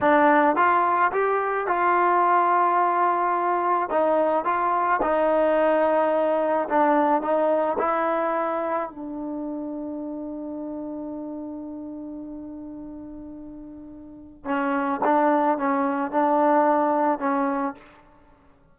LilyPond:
\new Staff \with { instrumentName = "trombone" } { \time 4/4 \tempo 4 = 108 d'4 f'4 g'4 f'4~ | f'2. dis'4 | f'4 dis'2. | d'4 dis'4 e'2 |
d'1~ | d'1~ | d'2 cis'4 d'4 | cis'4 d'2 cis'4 | }